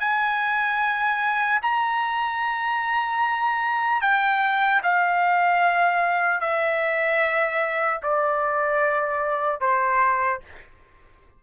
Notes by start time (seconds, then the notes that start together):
0.00 G#5
1.62 A#5
4.01 G5
4.83 F5
6.41 E5
8.03 D5
9.60 C5